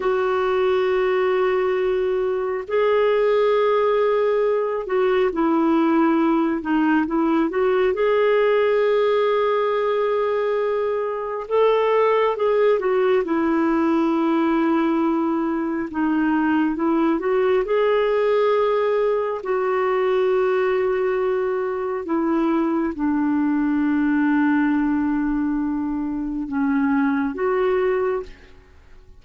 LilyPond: \new Staff \with { instrumentName = "clarinet" } { \time 4/4 \tempo 4 = 68 fis'2. gis'4~ | gis'4. fis'8 e'4. dis'8 | e'8 fis'8 gis'2.~ | gis'4 a'4 gis'8 fis'8 e'4~ |
e'2 dis'4 e'8 fis'8 | gis'2 fis'2~ | fis'4 e'4 d'2~ | d'2 cis'4 fis'4 | }